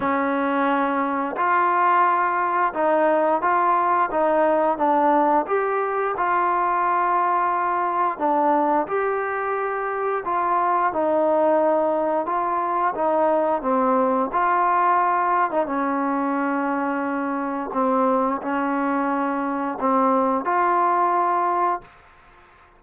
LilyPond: \new Staff \with { instrumentName = "trombone" } { \time 4/4 \tempo 4 = 88 cis'2 f'2 | dis'4 f'4 dis'4 d'4 | g'4 f'2. | d'4 g'2 f'4 |
dis'2 f'4 dis'4 | c'4 f'4.~ f'16 dis'16 cis'4~ | cis'2 c'4 cis'4~ | cis'4 c'4 f'2 | }